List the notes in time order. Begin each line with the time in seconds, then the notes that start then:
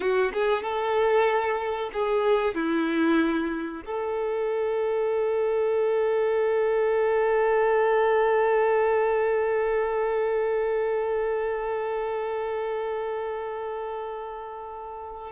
0.00 F#4
0.33 G#4
0.62 A4
1.93 G#4
2.54 E4
3.85 A4